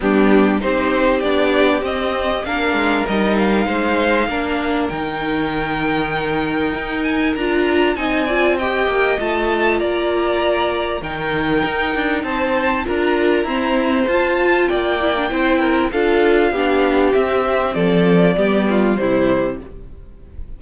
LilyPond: <<
  \new Staff \with { instrumentName = "violin" } { \time 4/4 \tempo 4 = 98 g'4 c''4 d''4 dis''4 | f''4 dis''8 f''2~ f''8 | g''2.~ g''8 gis''8 | ais''4 gis''4 g''4 a''4 |
ais''2 g''2 | a''4 ais''2 a''4 | g''2 f''2 | e''4 d''2 c''4 | }
  \new Staff \with { instrumentName = "violin" } { \time 4/4 d'4 g'2. | ais'2 c''4 ais'4~ | ais'1~ | ais'4 dis''8 d''8 dis''2 |
d''2 ais'2 | c''4 ais'4 c''2 | d''4 c''8 ais'8 a'4 g'4~ | g'4 a'4 g'8 f'8 e'4 | }
  \new Staff \with { instrumentName = "viola" } { \time 4/4 b4 dis'4 d'4 c'4 | d'4 dis'2 d'4 | dis'1 | f'4 dis'8 f'8 g'4 f'4~ |
f'2 dis'2~ | dis'4 f'4 c'4 f'4~ | f'8 e'16 d'16 e'4 f'4 d'4 | c'2 b4 g4 | }
  \new Staff \with { instrumentName = "cello" } { \time 4/4 g4 c'4 b4 c'4 | ais8 gis8 g4 gis4 ais4 | dis2. dis'4 | d'4 c'4. ais8 a4 |
ais2 dis4 dis'8 d'8 | c'4 d'4 e'4 f'4 | ais4 c'4 d'4 b4 | c'4 f4 g4 c4 | }
>>